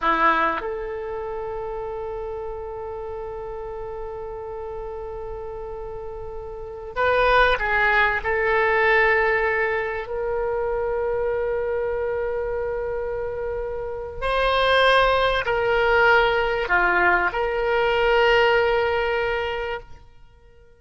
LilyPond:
\new Staff \with { instrumentName = "oboe" } { \time 4/4 \tempo 4 = 97 e'4 a'2.~ | a'1~ | a'2.~ a'16 b'8.~ | b'16 gis'4 a'2~ a'8.~ |
a'16 ais'2.~ ais'8.~ | ais'2. c''4~ | c''4 ais'2 f'4 | ais'1 | }